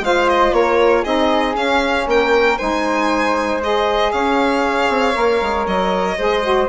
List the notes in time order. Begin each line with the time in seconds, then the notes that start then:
0.00 G#3 F4 C5 F5
0.29 D#5
0.53 A#3 A#4 C#5
1.03 C4 D#4 G#4 D#5
1.56 C#4 F5
2.07 A#3 A#4 G5
2.58 G#3 D#4 C5 G#5
3.62 G#4 D#5
4.12 C#4 C#5 F5
4.89 C4
5.14 A#3 A#4
5.42 G#3
5.67 F#3 D#5
6.18 G#3 G#4 C5
6.42 F#4